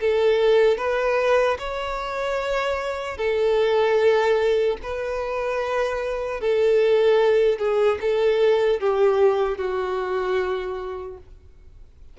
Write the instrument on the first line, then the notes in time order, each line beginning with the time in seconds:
violin
0.00 A4
0.77 B4
1.59 C#5
3.17 A4
4.83 B4
6.41 A4
7.58 G#4
8.01 A4
8.80 G4
9.57 F#4